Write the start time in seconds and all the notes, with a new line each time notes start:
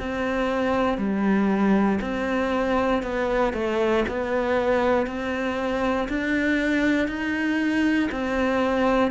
0.00 C4
0.98 G3
2.01 C4
3.03 B3
3.54 A3
4.08 B3
5.07 C4
6.09 D4
7.08 D#4
8.12 C4